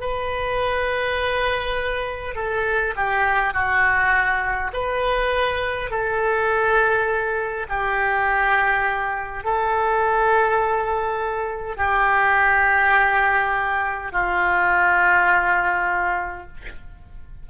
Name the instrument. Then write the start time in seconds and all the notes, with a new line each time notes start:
oboe
0.00 B4
2.35 A4
2.96 G4
3.53 F#4
4.73 B4
5.90 A4
7.68 G4
9.43 A4
11.76 G4
14.11 F4